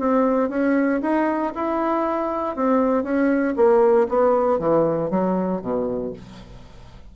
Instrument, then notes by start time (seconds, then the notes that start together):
bassoon
0.00 C4
0.50 C#4
1.02 D#4
1.55 E4
2.56 C4
3.04 C#4
3.57 A#3
4.09 B3
4.60 E3
5.11 F#3
5.62 B2